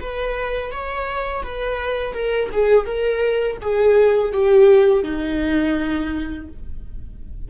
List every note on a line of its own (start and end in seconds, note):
0.00 0.72 B4
0.72 1.43 C#5
1.43 2.14 B4
2.14 2.50 A#4
2.52 2.86 G#4
2.86 3.58 A#4
3.61 4.32 G#4
4.32 5.04 G4
5.04 6.48 D#4